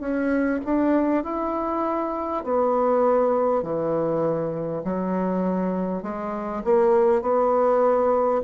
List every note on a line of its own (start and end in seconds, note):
0.00 0.60 C#4
0.65 1.24 D4
1.24 2.43 E4
2.43 3.63 B3
3.63 4.83 E3
4.84 6.03 F#3
6.03 6.63 G#3
6.64 7.22 A#3
7.22 8.42 B3